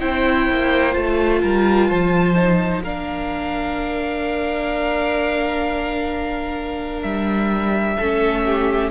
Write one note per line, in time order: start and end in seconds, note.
0.00 0.49 C4
0.00 0.93 E4
0.00 1.41 C5
0.00 0.94 G5
0.51 0.96 A#3
0.93 1.43 A3
0.93 2.34 F4
0.93 2.82 A5
1.42 1.90 G3
1.42 1.89 A#4
1.89 2.84 F3
1.89 2.83 C5
2.36 2.83 D#4
2.83 7.04 A#3
2.83 8.01 D4
2.83 7.96 A#4
2.83 7.02 F5
7.02 7.97 G3
7.02 8.90 E5
7.96 8.91 A3
7.96 8.91 C#4
7.96 8.43 A4
8.46 8.91 G4